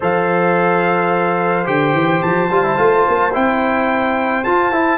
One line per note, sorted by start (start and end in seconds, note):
0.00 1.67 F3
0.00 1.65 A4
0.00 4.98 C5
0.00 1.67 F5
1.65 1.93 D3
1.65 2.48 G4
1.65 2.22 G5
1.93 2.21 E3
2.22 2.50 F3
2.22 3.33 A5
2.50 2.77 G3
2.50 2.63 F4
2.63 2.76 E4
2.76 3.06 A3
2.76 3.31 F4
3.08 3.35 A#3
3.33 4.46 C4
3.33 4.44 E4
3.33 4.44 G5
4.44 4.72 F4
4.44 4.69 F4
4.44 4.98 A5
4.69 4.97 E4
4.69 4.98 E4